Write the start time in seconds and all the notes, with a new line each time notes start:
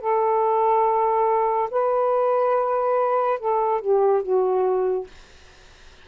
0.00 A4
1.70 B4
3.39 A4
3.81 G4
4.22 F#4